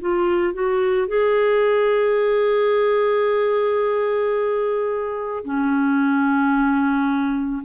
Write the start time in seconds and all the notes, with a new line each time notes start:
0.00 F4
0.54 F#4
1.08 G#4
5.44 C#4